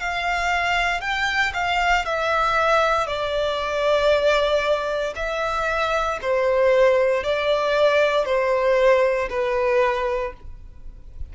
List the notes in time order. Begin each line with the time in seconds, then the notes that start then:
0.00 F5
1.01 G5
1.54 F5
2.05 E5
3.07 D5
5.16 E5
6.22 C5
7.24 D5
8.26 C5
9.30 B4